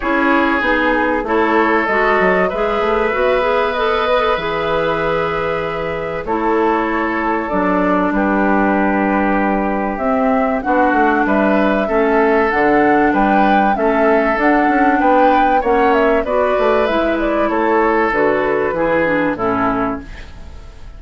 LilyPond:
<<
  \new Staff \with { instrumentName = "flute" } { \time 4/4 \tempo 4 = 96 cis''4 gis'4 cis''4 dis''4 | e''2 dis''4 e''4~ | e''2 cis''2 | d''4 b'2. |
e''4 fis''4 e''2 | fis''4 g''4 e''4 fis''4 | g''4 fis''8 e''8 d''4 e''8 d''8 | cis''4 b'2 a'4 | }
  \new Staff \with { instrumentName = "oboe" } { \time 4/4 gis'2 a'2 | b'1~ | b'2 a'2~ | a'4 g'2.~ |
g'4 fis'4 b'4 a'4~ | a'4 b'4 a'2 | b'4 cis''4 b'2 | a'2 gis'4 e'4 | }
  \new Staff \with { instrumentName = "clarinet" } { \time 4/4 e'4 dis'4 e'4 fis'4 | gis'4 fis'8 gis'8 a'8 b'16 a'16 gis'4~ | gis'2 e'2 | d'1 |
c'4 d'2 cis'4 | d'2 cis'4 d'4~ | d'4 cis'4 fis'4 e'4~ | e'4 fis'4 e'8 d'8 cis'4 | }
  \new Staff \with { instrumentName = "bassoon" } { \time 4/4 cis'4 b4 a4 gis8 fis8 | gis8 a8 b2 e4~ | e2 a2 | fis4 g2. |
c'4 b8 a8 g4 a4 | d4 g4 a4 d'8 cis'8 | b4 ais4 b8 a8 gis4 | a4 d4 e4 a,4 | }
>>